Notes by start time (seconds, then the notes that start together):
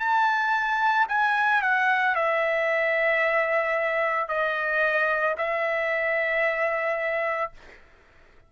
0.00 A5
1.09 G#5
1.62 F#5
2.16 E5
4.29 D#5
5.38 E5